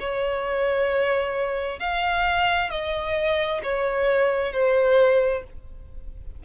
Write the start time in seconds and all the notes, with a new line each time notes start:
0.00 C#5
1.80 F5
2.70 D#5
3.63 C#5
4.53 C5